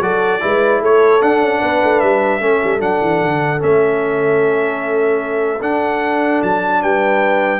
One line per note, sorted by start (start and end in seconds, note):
0.00 0.40 F#3
0.00 0.41 F#4
0.00 0.42 A4
0.00 0.82 D5
0.41 0.81 G#3
0.41 1.21 E4
0.41 0.81 B4
0.81 1.21 A3
0.81 1.61 A4
0.81 1.22 C#5
1.21 2.40 D4
1.21 1.41 D4
1.21 2.00 F#5
1.41 1.61 C#4
1.61 1.82 B3
1.61 2.41 B4
1.83 2.02 A3
2.00 2.40 G3
2.00 2.80 E5
2.40 2.60 A3
2.40 2.79 C#4
2.40 6.81 A4
2.63 2.81 G3
2.79 3.01 F#3
2.79 3.59 D4
2.79 3.62 F#5
3.01 3.21 E3
3.21 3.61 D3
3.59 5.61 A3
3.59 5.59 C#4
3.59 5.62 E5
5.61 6.41 D4
5.61 7.60 D4
5.61 6.42 F#5
6.42 6.83 F#3
6.42 6.82 A5
6.82 7.60 G3
6.82 7.60 B4
6.82 7.60 G5